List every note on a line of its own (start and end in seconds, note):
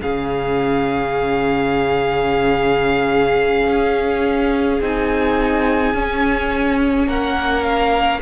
0.00 3.67 C#3
0.00 4.81 C#4
0.00 7.07 G#4
0.00 4.82 F5
3.67 4.80 C#4
4.81 5.94 C4
4.81 5.95 D#4
4.81 7.08 G#5
5.94 7.07 C#4
5.94 8.21 C#4
7.07 8.20 A#3
7.07 8.20 A#4
7.07 7.64 F#5
7.64 8.21 F5